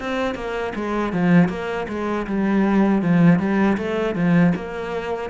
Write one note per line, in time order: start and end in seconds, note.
0.00 0.35 C4
0.35 0.73 A#3
0.75 1.13 G#3
1.13 1.49 F3
1.49 1.87 A#3
1.88 2.26 G#3
2.27 3.02 G3
3.02 3.39 F3
3.39 3.77 G3
3.78 4.16 A3
4.16 4.54 F3
4.56 5.30 A#3